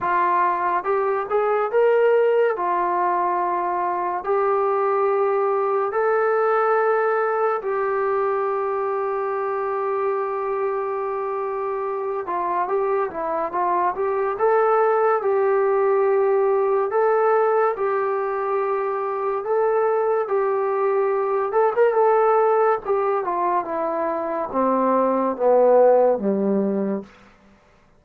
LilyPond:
\new Staff \with { instrumentName = "trombone" } { \time 4/4 \tempo 4 = 71 f'4 g'8 gis'8 ais'4 f'4~ | f'4 g'2 a'4~ | a'4 g'2.~ | g'2~ g'8 f'8 g'8 e'8 |
f'8 g'8 a'4 g'2 | a'4 g'2 a'4 | g'4. a'16 ais'16 a'4 g'8 f'8 | e'4 c'4 b4 g4 | }